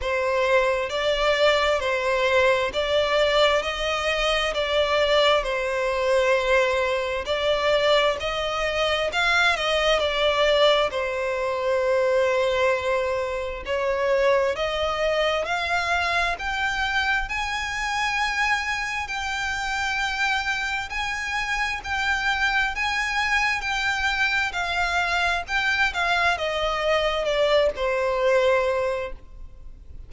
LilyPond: \new Staff \with { instrumentName = "violin" } { \time 4/4 \tempo 4 = 66 c''4 d''4 c''4 d''4 | dis''4 d''4 c''2 | d''4 dis''4 f''8 dis''8 d''4 | c''2. cis''4 |
dis''4 f''4 g''4 gis''4~ | gis''4 g''2 gis''4 | g''4 gis''4 g''4 f''4 | g''8 f''8 dis''4 d''8 c''4. | }